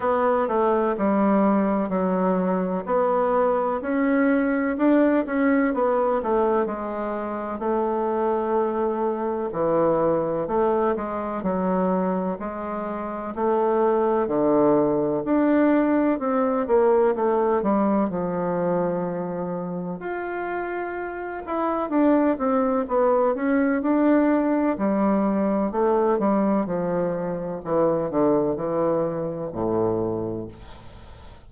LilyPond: \new Staff \with { instrumentName = "bassoon" } { \time 4/4 \tempo 4 = 63 b8 a8 g4 fis4 b4 | cis'4 d'8 cis'8 b8 a8 gis4 | a2 e4 a8 gis8 | fis4 gis4 a4 d4 |
d'4 c'8 ais8 a8 g8 f4~ | f4 f'4. e'8 d'8 c'8 | b8 cis'8 d'4 g4 a8 g8 | f4 e8 d8 e4 a,4 | }